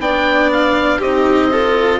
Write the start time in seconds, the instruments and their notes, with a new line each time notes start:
0.00 bassoon B3, cello D4, violin D5, oboe G5
0.53 oboe F5
0.99 bassoon C4, cello D#4, violin G4, oboe D#5
1.51 cello F4, violin A4